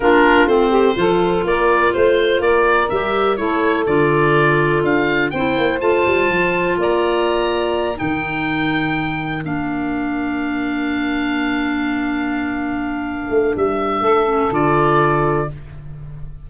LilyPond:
<<
  \new Staff \with { instrumentName = "oboe" } { \time 4/4 \tempo 4 = 124 ais'4 c''2 d''4 | c''4 d''4 e''4 cis''4 | d''2 f''4 g''4 | a''2 ais''2~ |
ais''8 g''2. f''8~ | f''1~ | f''1 | e''2 d''2 | }
  \new Staff \with { instrumentName = "saxophone" } { \time 4/4 f'4. g'8 a'4 ais'4 | c''4 ais'2 a'4~ | a'2. c''4~ | c''2 d''2~ |
d''8 ais'2.~ ais'8~ | ais'1~ | ais'1~ | ais'4 a'2. | }
  \new Staff \with { instrumentName = "clarinet" } { \time 4/4 d'4 c'4 f'2~ | f'2 g'4 e'4 | f'2. e'4 | f'1~ |
f'8 dis'2. d'8~ | d'1~ | d'1~ | d'4. cis'8 f'2 | }
  \new Staff \with { instrumentName = "tuba" } { \time 4/4 ais4 a4 f4 ais4 | a4 ais4 g4 a4 | d2 d'4 c'8 ais8 | a8 g8 f4 ais2~ |
ais8 dis2. ais8~ | ais1~ | ais2.~ ais8 a8 | g4 a4 d2 | }
>>